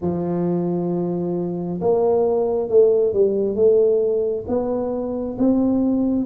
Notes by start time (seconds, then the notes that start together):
0.01 F3
1.80 A#3
2.69 A3
3.13 G3
3.55 A3
4.47 B3
5.38 C4